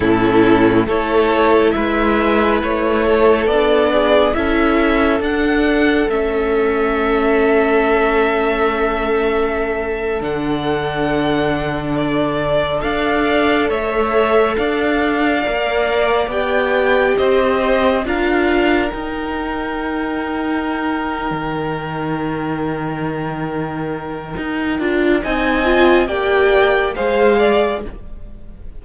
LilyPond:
<<
  \new Staff \with { instrumentName = "violin" } { \time 4/4 \tempo 4 = 69 a'4 cis''4 e''4 cis''4 | d''4 e''4 fis''4 e''4~ | e''2.~ e''8. fis''16~ | fis''4.~ fis''16 d''4 f''4 e''16~ |
e''8. f''2 g''4 dis''16~ | dis''8. f''4 g''2~ g''16~ | g''1~ | g''4 gis''4 g''4 f''4 | }
  \new Staff \with { instrumentName = "violin" } { \time 4/4 e'4 a'4 b'4. a'8~ | a'8 gis'8 a'2.~ | a'1~ | a'2~ a'8. d''4 cis''16~ |
cis''8. d''2. c''16~ | c''8. ais'2.~ ais'16~ | ais'1~ | ais'4 dis''4 d''4 c''8 d''8 | }
  \new Staff \with { instrumentName = "viola" } { \time 4/4 cis'4 e'2. | d'4 e'4 d'4 cis'4~ | cis'2.~ cis'8. d'16~ | d'2~ d'8. a'4~ a'16~ |
a'4.~ a'16 ais'4 g'4~ g'16~ | g'8. f'4 dis'2~ dis'16~ | dis'1~ | dis'8 f'8 dis'8 f'8 g'4 gis'4 | }
  \new Staff \with { instrumentName = "cello" } { \time 4/4 a,4 a4 gis4 a4 | b4 cis'4 d'4 a4~ | a2.~ a8. d16~ | d2~ d8. d'4 a16~ |
a8. d'4 ais4 b4 c'16~ | c'8. d'4 dis'2~ dis'16~ | dis'8 dis2.~ dis8 | dis'8 d'8 c'4 ais4 gis4 | }
>>